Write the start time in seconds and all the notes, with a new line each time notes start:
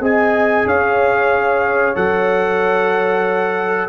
0.00 C4 G#4 D#5 G#5
0.65 C#4 C#5 F5
1.95 F#3 A4 F#5